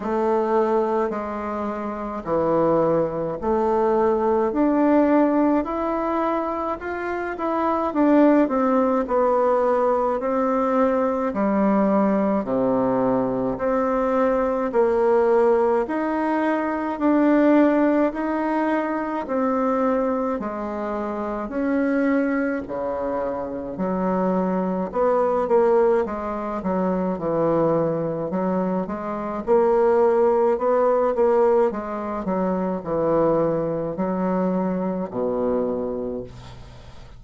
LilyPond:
\new Staff \with { instrumentName = "bassoon" } { \time 4/4 \tempo 4 = 53 a4 gis4 e4 a4 | d'4 e'4 f'8 e'8 d'8 c'8 | b4 c'4 g4 c4 | c'4 ais4 dis'4 d'4 |
dis'4 c'4 gis4 cis'4 | cis4 fis4 b8 ais8 gis8 fis8 | e4 fis8 gis8 ais4 b8 ais8 | gis8 fis8 e4 fis4 b,4 | }